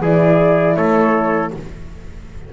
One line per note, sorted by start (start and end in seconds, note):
0.00 0.75 E3
0.00 1.52 E4
0.00 0.76 G#4
0.00 0.75 D5
0.75 1.50 A3
0.75 1.52 A4
0.75 1.50 C#5